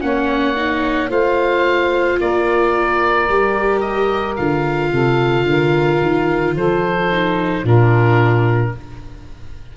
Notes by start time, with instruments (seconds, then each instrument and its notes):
0.00 tuba A#3, viola C#4, saxophone C#5, oboe F#5
0.56 viola D#4
1.09 tuba A3, viola F4, saxophone C5, oboe F5
2.19 tuba A#3, saxophone A#4, oboe D5
3.28 tuba G3, viola G4
3.80 oboe D#5
4.36 tuba D3, viola F4, oboe F5
4.90 tuba C3, saxophone A4
5.43 tuba D3, saxophone A#4
6.00 tuba D#3
6.53 tuba F3, saxophone A4, oboe C5
7.10 viola D#4
7.62 tuba A#2, viola D4, saxophone F4, oboe A#4